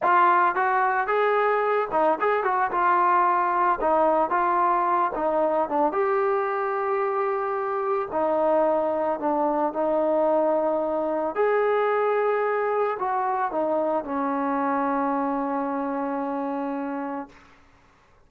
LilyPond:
\new Staff \with { instrumentName = "trombone" } { \time 4/4 \tempo 4 = 111 f'4 fis'4 gis'4. dis'8 | gis'8 fis'8 f'2 dis'4 | f'4. dis'4 d'8 g'4~ | g'2. dis'4~ |
dis'4 d'4 dis'2~ | dis'4 gis'2. | fis'4 dis'4 cis'2~ | cis'1 | }